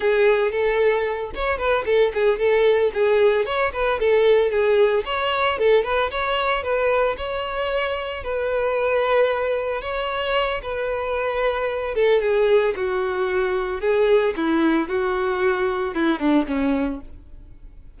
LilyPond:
\new Staff \with { instrumentName = "violin" } { \time 4/4 \tempo 4 = 113 gis'4 a'4. cis''8 b'8 a'8 | gis'8 a'4 gis'4 cis''8 b'8 a'8~ | a'8 gis'4 cis''4 a'8 b'8 cis''8~ | cis''8 b'4 cis''2 b'8~ |
b'2~ b'8 cis''4. | b'2~ b'8 a'8 gis'4 | fis'2 gis'4 e'4 | fis'2 e'8 d'8 cis'4 | }